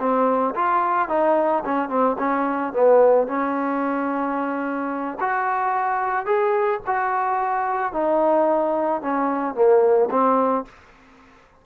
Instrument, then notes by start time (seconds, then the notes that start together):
trombone
0.00 C4
0.56 F4
1.09 D#4
1.65 C#4
1.89 C4
2.19 C#4
2.73 B3
3.28 C#4
5.21 F#4
6.26 G#4
6.87 F#4
7.93 D#4
9.02 C#4
9.55 A#3
10.11 C4